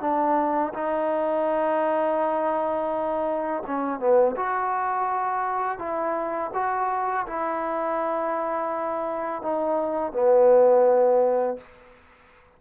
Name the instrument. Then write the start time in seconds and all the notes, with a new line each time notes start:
trombone
0.00 D4
0.73 D#4
3.66 C#4
3.99 B3
4.36 F#4
5.78 E4
6.54 F#4
7.26 E4
9.42 D#4
10.12 B3